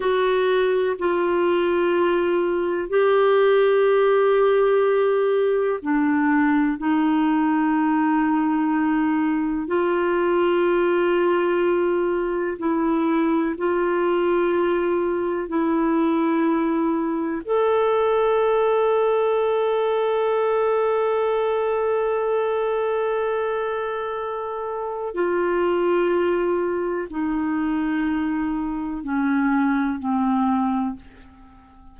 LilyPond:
\new Staff \with { instrumentName = "clarinet" } { \time 4/4 \tempo 4 = 62 fis'4 f'2 g'4~ | g'2 d'4 dis'4~ | dis'2 f'2~ | f'4 e'4 f'2 |
e'2 a'2~ | a'1~ | a'2 f'2 | dis'2 cis'4 c'4 | }